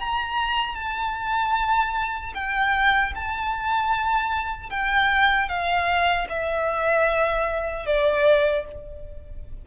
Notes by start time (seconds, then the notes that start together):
0.00 A#5
0.75 A5
2.35 G5
3.16 A5
4.70 G5
5.49 F5
6.30 E5
7.86 D5